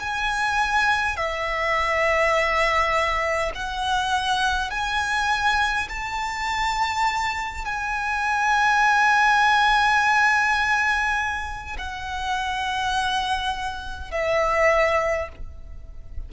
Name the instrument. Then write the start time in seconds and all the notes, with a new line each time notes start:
violin
0.00 G#5
1.17 E5
3.55 F#5
4.71 G#5
5.89 A5
7.65 G#5
11.79 F#5
14.12 E5